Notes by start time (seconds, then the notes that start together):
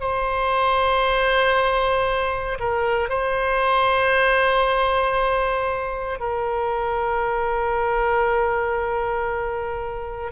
0.00 C5
2.60 A#4
3.09 C5
6.20 A#4